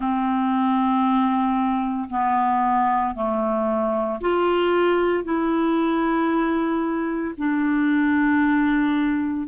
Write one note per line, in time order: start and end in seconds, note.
0.00 2.08 C4
2.10 3.14 B3
3.14 4.20 A3
4.21 5.23 F4
5.23 7.34 E4
7.37 9.47 D4